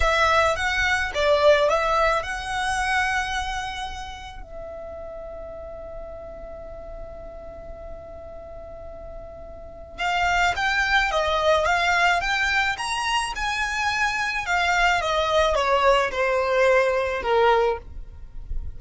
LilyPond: \new Staff \with { instrumentName = "violin" } { \time 4/4 \tempo 4 = 108 e''4 fis''4 d''4 e''4 | fis''1 | e''1~ | e''1~ |
e''2 f''4 g''4 | dis''4 f''4 g''4 ais''4 | gis''2 f''4 dis''4 | cis''4 c''2 ais'4 | }